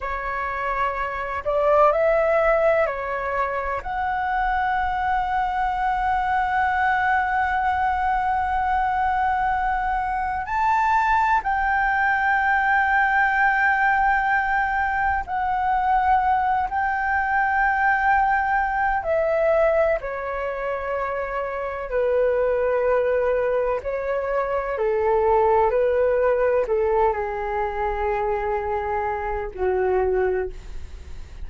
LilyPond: \new Staff \with { instrumentName = "flute" } { \time 4/4 \tempo 4 = 63 cis''4. d''8 e''4 cis''4 | fis''1~ | fis''2. a''4 | g''1 |
fis''4. g''2~ g''8 | e''4 cis''2 b'4~ | b'4 cis''4 a'4 b'4 | a'8 gis'2~ gis'8 fis'4 | }